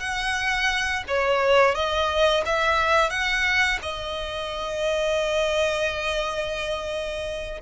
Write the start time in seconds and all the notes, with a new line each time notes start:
0.00 F#5
1.08 C#5
1.75 D#5
2.45 E5
3.10 F#5
3.82 D#5